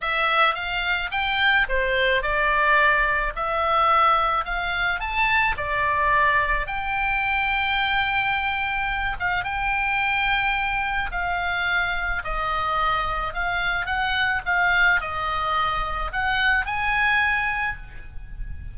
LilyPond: \new Staff \with { instrumentName = "oboe" } { \time 4/4 \tempo 4 = 108 e''4 f''4 g''4 c''4 | d''2 e''2 | f''4 a''4 d''2 | g''1~ |
g''8 f''8 g''2. | f''2 dis''2 | f''4 fis''4 f''4 dis''4~ | dis''4 fis''4 gis''2 | }